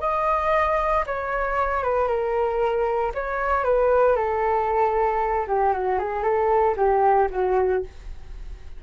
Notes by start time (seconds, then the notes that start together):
0.00 D#5
1.06 C#5
1.84 B4
2.08 A#4
3.15 C#5
3.64 B4
4.16 A4
5.47 G4
5.73 F#4
5.99 G#4
6.23 A4
6.77 G4
7.31 F#4